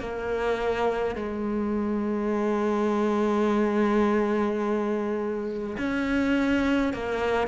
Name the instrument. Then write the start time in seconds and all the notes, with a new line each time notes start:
cello
0.00 A#3
1.15 G#3
5.78 C#4
6.94 A#3